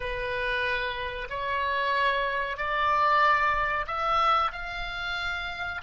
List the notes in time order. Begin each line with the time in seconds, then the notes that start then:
0.00 B4
1.29 C#5
2.57 D5
3.87 E5
4.52 F5